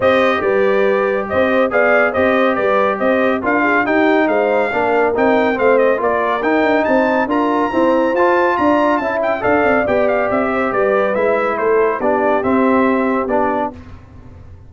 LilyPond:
<<
  \new Staff \with { instrumentName = "trumpet" } { \time 4/4 \tempo 4 = 140 dis''4 d''2 dis''4 | f''4 dis''4 d''4 dis''4 | f''4 g''4 f''2 | g''4 f''8 dis''8 d''4 g''4 |
a''4 ais''2 a''4 | ais''4 a''8 g''8 f''4 g''8 f''8 | e''4 d''4 e''4 c''4 | d''4 e''2 d''4 | }
  \new Staff \with { instrumentName = "horn" } { \time 4/4 c''4 b'2 c''4 | d''4 c''4 b'4 c''4 | ais'8 gis'8 g'4 c''4 ais'4~ | ais'4 c''4 ais'2 |
c''4 ais'4 c''2 | d''4 e''4 d''2~ | d''8 c''8 b'2 a'4 | g'1 | }
  \new Staff \with { instrumentName = "trombone" } { \time 4/4 g'1 | gis'4 g'2. | f'4 dis'2 d'4 | dis'4 c'4 f'4 dis'4~ |
dis'4 f'4 c'4 f'4~ | f'4 e'4 a'4 g'4~ | g'2 e'2 | d'4 c'2 d'4 | }
  \new Staff \with { instrumentName = "tuba" } { \time 4/4 c'4 g2 c'4 | b4 c'4 g4 c'4 | d'4 dis'4 gis4 ais4 | c'4 a4 ais4 dis'8 d'8 |
c'4 d'4 e'4 f'4 | d'4 cis'4 d'8 c'8 b4 | c'4 g4 gis4 a4 | b4 c'2 b4 | }
>>